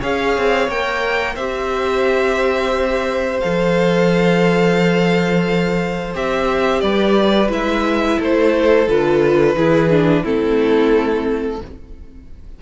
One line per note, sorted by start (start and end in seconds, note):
0.00 0.37 C#4
0.00 0.69 G#4
0.00 1.34 C#5
0.00 0.69 F5
0.37 0.68 C4
0.68 1.35 A#3
0.68 1.38 A#4
0.68 1.35 G5
1.34 3.40 C4
1.34 3.41 G4
1.34 6.79 C5
1.34 3.40 E5
3.40 6.14 F3
3.40 6.14 A4
3.40 6.12 F5
6.14 6.82 C4
6.14 7.49 G4
6.14 6.80 E5
6.80 7.48 G3
6.80 8.19 B4
6.80 7.49 D5
7.48 8.17 G#3
7.48 8.85 E4
7.48 8.21 E5
8.19 8.87 A3
8.19 9.55 A4
8.19 8.88 C5
8.87 9.55 D3
8.87 9.56 F4
8.87 10.24 B4
9.55 10.23 E3
9.55 9.90 E4
9.55 10.22 G#4
9.90 10.24 D4
10.22 11.61 A3
10.22 11.60 C4
10.22 11.59 E4
10.22 11.61 A4